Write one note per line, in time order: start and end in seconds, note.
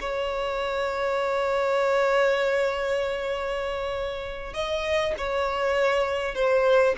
0.00 4.53 C#5
4.53 5.14 D#5
5.17 6.34 C#5
6.34 6.95 C5